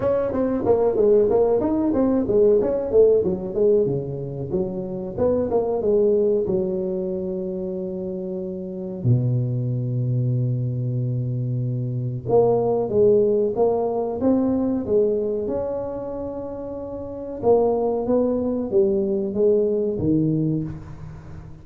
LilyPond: \new Staff \with { instrumentName = "tuba" } { \time 4/4 \tempo 4 = 93 cis'8 c'8 ais8 gis8 ais8 dis'8 c'8 gis8 | cis'8 a8 fis8 gis8 cis4 fis4 | b8 ais8 gis4 fis2~ | fis2 b,2~ |
b,2. ais4 | gis4 ais4 c'4 gis4 | cis'2. ais4 | b4 g4 gis4 dis4 | }